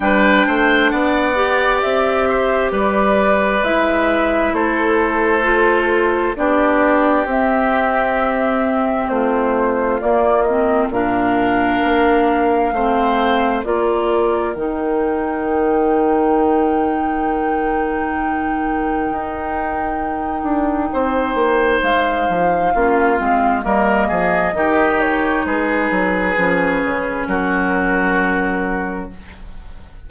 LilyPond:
<<
  \new Staff \with { instrumentName = "flute" } { \time 4/4 \tempo 4 = 66 g''4 fis''4 e''4 d''4 | e''4 c''2 d''4 | e''2 c''4 d''8 dis''8 | f''2. d''4 |
g''1~ | g''1 | f''2 dis''4. cis''8 | b'2 ais'2 | }
  \new Staff \with { instrumentName = "oboe" } { \time 4/4 b'8 c''8 d''4. c''8 b'4~ | b'4 a'2 g'4~ | g'2 f'2 | ais'2 c''4 ais'4~ |
ais'1~ | ais'2. c''4~ | c''4 f'4 ais'8 gis'8 g'4 | gis'2 fis'2 | }
  \new Staff \with { instrumentName = "clarinet" } { \time 4/4 d'4. g'2~ g'8 | e'2 f'4 d'4 | c'2. ais8 c'8 | d'2 c'4 f'4 |
dis'1~ | dis'1~ | dis'4 cis'8 c'8 ais4 dis'4~ | dis'4 cis'2. | }
  \new Staff \with { instrumentName = "bassoon" } { \time 4/4 g8 a8 b4 c'4 g4 | gis4 a2 b4 | c'2 a4 ais4 | ais,4 ais4 a4 ais4 |
dis1~ | dis4 dis'4. d'8 c'8 ais8 | gis8 f8 ais8 gis8 g8 f8 dis4 | gis8 fis8 f8 cis8 fis2 | }
>>